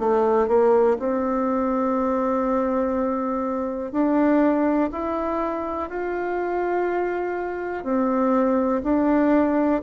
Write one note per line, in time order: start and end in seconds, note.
0.00 0.48 A3
0.48 0.97 A#3
1.00 3.93 C4
3.93 4.91 D4
4.92 5.90 E4
5.90 7.84 F4
7.84 8.83 C4
8.84 9.82 D4